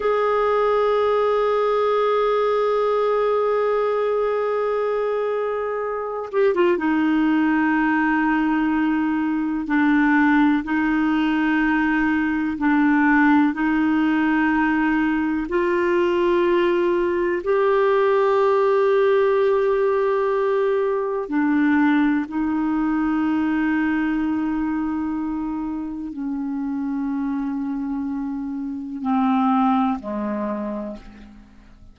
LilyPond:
\new Staff \with { instrumentName = "clarinet" } { \time 4/4 \tempo 4 = 62 gis'1~ | gis'2~ gis'8 g'16 f'16 dis'4~ | dis'2 d'4 dis'4~ | dis'4 d'4 dis'2 |
f'2 g'2~ | g'2 d'4 dis'4~ | dis'2. cis'4~ | cis'2 c'4 gis4 | }